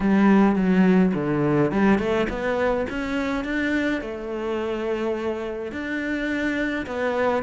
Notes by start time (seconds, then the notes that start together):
0.00 G3
0.55 F#3
1.14 D3
1.71 G3
1.98 A3
2.29 B3
2.89 C#4
3.44 D4
4.01 A3
5.71 D4
6.86 B3